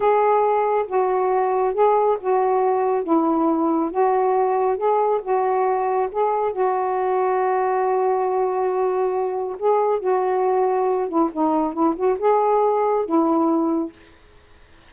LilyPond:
\new Staff \with { instrumentName = "saxophone" } { \time 4/4 \tempo 4 = 138 gis'2 fis'2 | gis'4 fis'2 e'4~ | e'4 fis'2 gis'4 | fis'2 gis'4 fis'4~ |
fis'1~ | fis'2 gis'4 fis'4~ | fis'4. e'8 dis'4 e'8 fis'8 | gis'2 e'2 | }